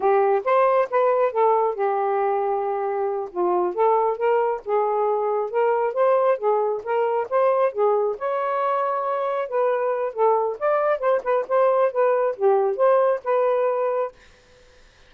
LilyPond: \new Staff \with { instrumentName = "saxophone" } { \time 4/4 \tempo 4 = 136 g'4 c''4 b'4 a'4 | g'2.~ g'8 f'8~ | f'8 a'4 ais'4 gis'4.~ | gis'8 ais'4 c''4 gis'4 ais'8~ |
ais'8 c''4 gis'4 cis''4.~ | cis''4. b'4. a'4 | d''4 c''8 b'8 c''4 b'4 | g'4 c''4 b'2 | }